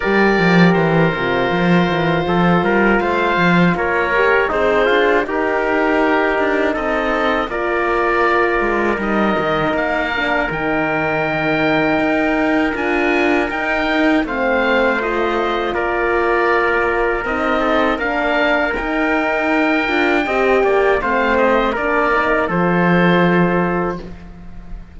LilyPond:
<<
  \new Staff \with { instrumentName = "oboe" } { \time 4/4 \tempo 4 = 80 d''4 c''2. | f''4 cis''4 c''4 ais'4~ | ais'4 dis''4 d''2 | dis''4 f''4 g''2~ |
g''4 gis''4 g''4 f''4 | dis''4 d''2 dis''4 | f''4 g''2. | f''8 dis''8 d''4 c''2 | }
  \new Staff \with { instrumentName = "trumpet" } { \time 4/4 ais'2. a'8 ais'8 | c''4 ais'4 dis'8 f'8 g'4~ | g'4 a'4 ais'2~ | ais'1~ |
ais'2. c''4~ | c''4 ais'2~ ais'8 a'8 | ais'2. dis''8 d''8 | c''4 ais'4 a'2 | }
  \new Staff \with { instrumentName = "horn" } { \time 4/4 g'4. f'2~ f'8~ | f'4. g'8 gis'4 dis'4~ | dis'2 f'2 | dis'4. d'8 dis'2~ |
dis'4 f'4 dis'4 c'4 | f'2. dis'4 | d'4 dis'4. f'8 g'4 | c'4 d'8 dis'8 f'2 | }
  \new Staff \with { instrumentName = "cello" } { \time 4/4 g8 f8 e8 c8 f8 e8 f8 g8 | a8 f8 ais4 c'8 d'8 dis'4~ | dis'8 d'8 c'4 ais4. gis8 | g8 dis8 ais4 dis2 |
dis'4 d'4 dis'4 a4~ | a4 ais2 c'4 | ais4 dis'4. d'8 c'8 ais8 | a4 ais4 f2 | }
>>